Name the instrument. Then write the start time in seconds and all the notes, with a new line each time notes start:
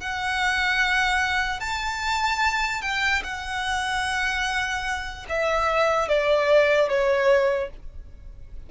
violin
0.00 F#5
1.60 A5
2.82 G5
3.23 F#5
5.29 E5
6.08 D5
6.89 C#5